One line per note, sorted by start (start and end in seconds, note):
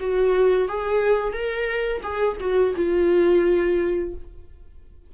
0.00 0.68 F#4
0.68 1.32 G#4
1.32 2.01 A#4
2.03 2.37 G#4
2.40 2.75 F#4
2.76 4.14 F4